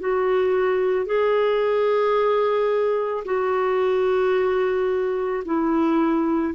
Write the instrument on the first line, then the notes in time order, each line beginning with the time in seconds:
clarinet
0.00 F#4
1.06 G#4
3.25 F#4
5.45 E4